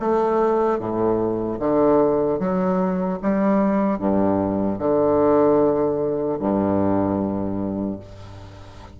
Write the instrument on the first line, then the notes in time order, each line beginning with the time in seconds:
bassoon
0.00 A3
0.79 A2
1.60 D3
2.39 F#3
3.23 G3
3.99 G2
4.79 D3
6.40 G2